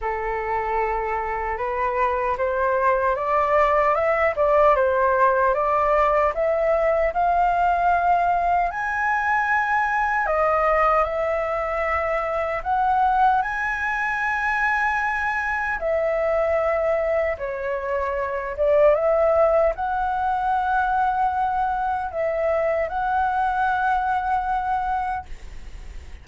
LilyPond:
\new Staff \with { instrumentName = "flute" } { \time 4/4 \tempo 4 = 76 a'2 b'4 c''4 | d''4 e''8 d''8 c''4 d''4 | e''4 f''2 gis''4~ | gis''4 dis''4 e''2 |
fis''4 gis''2. | e''2 cis''4. d''8 | e''4 fis''2. | e''4 fis''2. | }